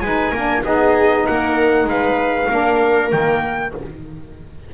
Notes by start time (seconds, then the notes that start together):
0.00 G#3 D#4 B4 G#5
0.32 A#3 D4 A#4
0.64 B3 D#4 G#4 D#5
1.26 A#3 A#4 F#5
1.84 G#3 B4 F5
2.48 A#3 D4 A#4
3.11 D#3 A#3 G5